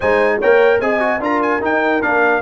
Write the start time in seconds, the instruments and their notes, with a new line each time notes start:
0.00 tuba G#3, trombone D#4, horn C5, trumpet G#5
0.39 tuba A#3, trombone A#4, horn C#5, trumpet G5
0.80 tuba C4, trombone G#4, horn D#5, trumpet G#5
0.99 trombone F#4
1.19 tuba D4, trombone F4, horn A#4, trumpet A#5
1.42 trumpet G#5
1.61 trombone D#4, tuba D#4, trumpet G5
2.02 tuba A#3, trombone D4, trumpet F5